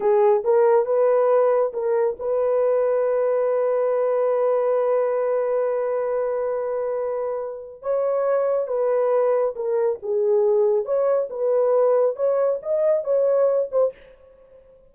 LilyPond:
\new Staff \with { instrumentName = "horn" } { \time 4/4 \tempo 4 = 138 gis'4 ais'4 b'2 | ais'4 b'2.~ | b'1~ | b'1~ |
b'2 cis''2 | b'2 ais'4 gis'4~ | gis'4 cis''4 b'2 | cis''4 dis''4 cis''4. c''8 | }